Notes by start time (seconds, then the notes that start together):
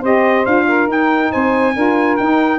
0.00 C4 G4 C5 D#5
0.46 D4 F4 F5
0.67 A#4
0.88 D#4 G5
1.31 C4 C5 G#5
1.75 D4 F4 A#4
2.17 D#4 G5